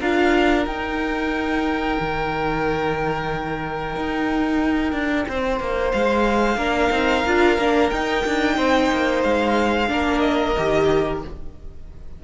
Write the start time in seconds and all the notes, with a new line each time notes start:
0.00 D4 F4 A#4 F5
0.66 D#4 G5
2.00 D#3
3.96 D#4
4.93 D4
5.28 C4 C5
5.60 A#3
5.92 G#3 F5
6.57 A#3 D4 A#4
6.90 C4 D#4
7.26 D4 F4
7.58 A#3 D4
7.90 D#4 G5
8.26 D4
8.57 C4 C5
8.92 A#3
9.23 G#3 F5
9.87 A#3 D4 A#4
10.20 D#5
10.57 D#3 G4